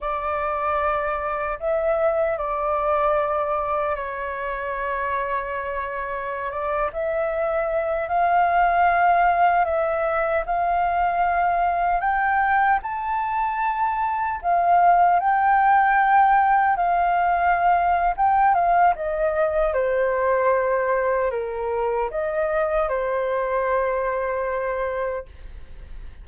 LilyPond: \new Staff \with { instrumentName = "flute" } { \time 4/4 \tempo 4 = 76 d''2 e''4 d''4~ | d''4 cis''2.~ | cis''16 d''8 e''4. f''4.~ f''16~ | f''16 e''4 f''2 g''8.~ |
g''16 a''2 f''4 g''8.~ | g''4~ g''16 f''4.~ f''16 g''8 f''8 | dis''4 c''2 ais'4 | dis''4 c''2. | }